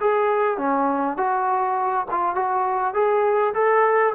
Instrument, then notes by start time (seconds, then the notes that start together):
trombone
0.00 G#4
0.58 C#4
1.17 F#4
2.11 F4
2.35 F#4
2.94 G#4
3.54 A4